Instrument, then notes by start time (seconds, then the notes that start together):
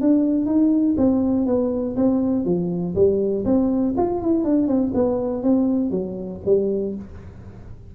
tuba
0.00 D4
0.46 D#4
0.97 C4
1.46 B3
1.96 C4
2.45 F3
2.95 G3
3.44 C4
3.96 F4
4.21 E4
4.44 D4
4.67 C4
4.94 B3
5.43 C4
5.90 F#3
6.45 G3